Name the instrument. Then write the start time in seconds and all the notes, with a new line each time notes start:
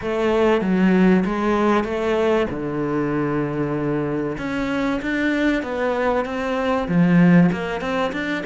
cello
0.01 A3
0.61 F#3
1.25 G#3
1.84 A3
2.49 D3
4.38 C#4
5.01 D4
5.62 B3
6.25 C4
6.88 F3
7.52 A#3
7.80 C4
8.12 D4